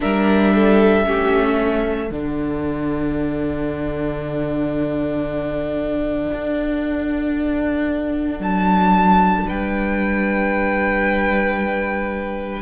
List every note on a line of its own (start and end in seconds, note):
0.00 1.06 G3
0.00 1.04 D4
0.00 0.53 A#4
0.00 2.10 E5
0.54 1.07 A4
1.04 2.10 A3
1.04 2.09 C#4
1.04 1.59 G4
1.59 9.47 A4
2.10 6.31 D3
2.10 12.61 D4
2.10 8.42 F#5
6.32 8.39 D4
8.39 9.44 F#3
8.39 9.47 A5
9.47 12.61 G3
9.47 12.61 B4
9.47 12.61 G5